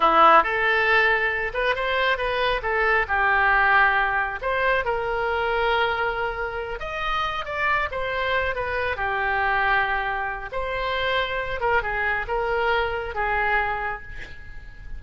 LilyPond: \new Staff \with { instrumentName = "oboe" } { \time 4/4 \tempo 4 = 137 e'4 a'2~ a'8 b'8 | c''4 b'4 a'4 g'4~ | g'2 c''4 ais'4~ | ais'2.~ ais'8 dis''8~ |
dis''4 d''4 c''4. b'8~ | b'8 g'2.~ g'8 | c''2~ c''8 ais'8 gis'4 | ais'2 gis'2 | }